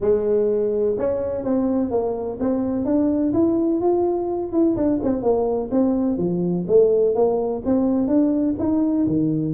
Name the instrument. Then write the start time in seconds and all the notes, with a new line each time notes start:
tuba
0.00 G#3
0.98 C#4
1.44 C4
1.90 A#3
2.39 C4
2.85 D4
3.33 E4
3.81 F4
4.52 E4
4.76 D4
5.03 C4
5.22 A#3
5.71 C4
6.17 F3
6.67 A3
7.15 A#3
7.65 C4
8.07 D4
8.58 D#4
9.06 D#3